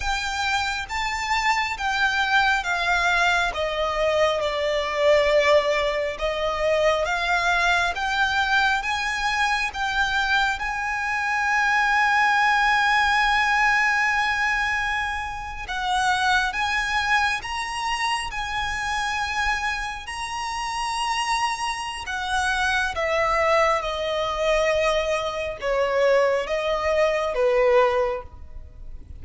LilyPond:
\new Staff \with { instrumentName = "violin" } { \time 4/4 \tempo 4 = 68 g''4 a''4 g''4 f''4 | dis''4 d''2 dis''4 | f''4 g''4 gis''4 g''4 | gis''1~ |
gis''4.~ gis''16 fis''4 gis''4 ais''16~ | ais''8. gis''2 ais''4~ ais''16~ | ais''4 fis''4 e''4 dis''4~ | dis''4 cis''4 dis''4 b'4 | }